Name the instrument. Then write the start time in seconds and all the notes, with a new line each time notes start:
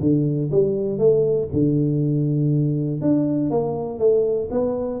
tuba
0.00 D3
0.51 G3
0.98 A3
1.52 D3
3.01 D4
3.50 A#3
3.98 A3
4.50 B3